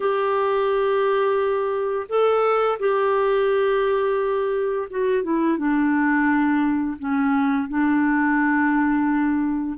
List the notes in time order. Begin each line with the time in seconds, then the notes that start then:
0.00 G4
2.08 A4
2.79 G4
4.90 F#4
5.23 E4
5.57 D4
6.98 C#4
7.68 D4